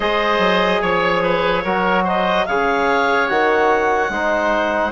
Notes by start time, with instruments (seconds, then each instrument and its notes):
0.00 bassoon G#3, trombone G#4, oboe C5, clarinet D#5
0.38 bassoon F#3
0.81 bassoon F3, oboe C#5, clarinet C#5
1.22 oboe B4
1.64 bassoon F#3, trombone F#4, oboe A#4
2.04 oboe C5, clarinet D#5
2.46 bassoon C#3, trombone G#4, oboe C#5, clarinet F5
3.28 bassoon D#3, trombone F#4, clarinet F#5
4.09 bassoon G#3, trombone D#4, oboe C5